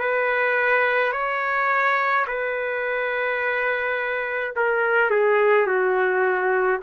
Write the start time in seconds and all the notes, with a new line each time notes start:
0.00 B4
1.13 C#5
2.28 B4
4.56 A#4
5.11 G#4
5.67 F#4